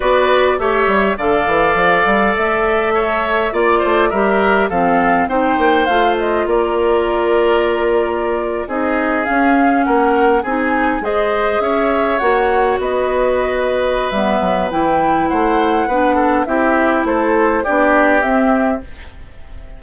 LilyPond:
<<
  \new Staff \with { instrumentName = "flute" } { \time 4/4 \tempo 4 = 102 d''4 e''4 f''2 | e''2 d''4 e''4 | f''4 g''4 f''8 dis''8 d''4~ | d''2~ d''8. dis''4 f''16~ |
f''8. fis''4 gis''4 dis''4 e''16~ | e''8. fis''4 dis''2~ dis''16 | e''4 g''4 fis''2 | e''4 c''4 d''4 e''4 | }
  \new Staff \with { instrumentName = "oboe" } { \time 4/4 b'4 cis''4 d''2~ | d''4 cis''4 d''8 c''8 ais'4 | a'4 c''2 ais'4~ | ais'2~ ais'8. gis'4~ gis'16~ |
gis'8. ais'4 gis'4 c''4 cis''16~ | cis''4.~ cis''16 b'2~ b'16~ | b'2 c''4 b'8 a'8 | g'4 a'4 g'2 | }
  \new Staff \with { instrumentName = "clarinet" } { \time 4/4 fis'4 g'4 a'2~ | a'2 f'4 g'4 | c'4 dis'4 f'2~ | f'2~ f'8. dis'4 cis'16~ |
cis'4.~ cis'16 dis'4 gis'4~ gis'16~ | gis'8. fis'2.~ fis'16 | b4 e'2 d'4 | e'2 d'4 c'4 | }
  \new Staff \with { instrumentName = "bassoon" } { \time 4/4 b4 a8 g8 d8 e8 f8 g8 | a2 ais8 a8 g4 | f4 c'8 ais8 a4 ais4~ | ais2~ ais8. c'4 cis'16~ |
cis'8. ais4 c'4 gis4 cis'16~ | cis'8. ais4 b2~ b16 | g8 fis8 e4 a4 b4 | c'4 a4 b4 c'4 | }
>>